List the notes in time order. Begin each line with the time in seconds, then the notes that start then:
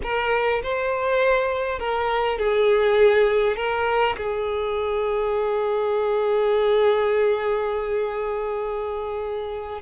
0.02 A#4
0.62 C5
1.79 A#4
2.38 G#4
3.56 A#4
4.17 G#4